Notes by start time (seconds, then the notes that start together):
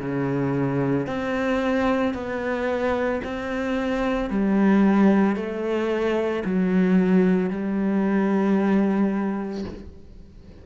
0.00 C#3
1.07 C4
2.14 B3
3.24 C4
4.30 G3
5.36 A3
6.45 F#3
7.50 G3